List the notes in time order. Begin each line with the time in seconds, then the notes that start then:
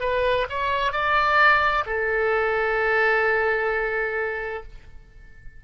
0.00 B4
0.49 C#5
0.91 D5
1.86 A4